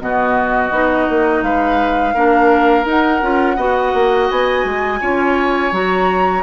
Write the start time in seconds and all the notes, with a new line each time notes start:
0.00 B2 B3 F#4 D#5
0.71 B3 D#4
1.09 A#3
1.42 G#3 B4 F5
2.14 A#3 D4 A#4
2.85 D#4 F#5
3.21 C#4 F4
3.56 B3 F#4 D#5
3.93 A#3
4.30 B3 G#5
4.64 G#3
5.00 C#4 F4 C#5
5.72 F#3 F#4 A#5